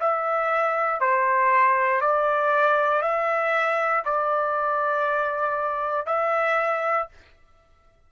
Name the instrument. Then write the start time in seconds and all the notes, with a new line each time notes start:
trumpet
0.00 E5
1.01 C5
2.01 D5
3.02 E5
4.05 D5
6.06 E5